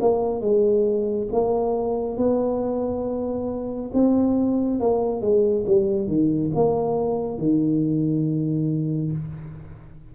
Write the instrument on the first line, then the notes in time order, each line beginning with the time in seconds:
tuba
0.00 A#3
0.41 G#3
1.32 A#3
2.17 B3
3.93 C4
4.79 A#3
5.21 G#3
5.66 G3
6.08 D#3
6.54 A#3
7.38 D#3